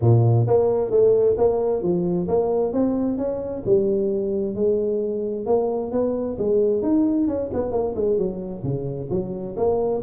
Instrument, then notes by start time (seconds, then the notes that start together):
tuba
0.01 A#2
0.46 A#3
0.90 A3
1.37 A#3
1.82 F3
2.27 A#3
2.72 C4
3.17 C#4
3.65 G3
4.55 G#3
5.46 A#3
5.91 B3
6.38 G#3
6.82 D#4
7.27 C#4
7.53 B3
7.71 A#3
7.95 G#3
8.18 F#3
8.63 C#3
9.10 F#3
9.56 A#3